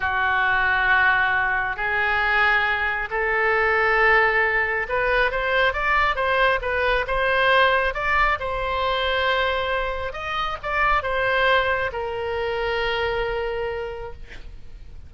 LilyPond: \new Staff \with { instrumentName = "oboe" } { \time 4/4 \tempo 4 = 136 fis'1 | gis'2. a'4~ | a'2. b'4 | c''4 d''4 c''4 b'4 |
c''2 d''4 c''4~ | c''2. dis''4 | d''4 c''2 ais'4~ | ais'1 | }